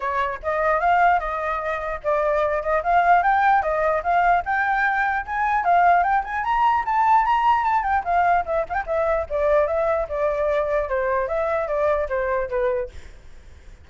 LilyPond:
\new Staff \with { instrumentName = "flute" } { \time 4/4 \tempo 4 = 149 cis''4 dis''4 f''4 dis''4~ | dis''4 d''4. dis''8 f''4 | g''4 dis''4 f''4 g''4~ | g''4 gis''4 f''4 g''8 gis''8 |
ais''4 a''4 ais''4 a''8 g''8 | f''4 e''8 f''16 g''16 e''4 d''4 | e''4 d''2 c''4 | e''4 d''4 c''4 b'4 | }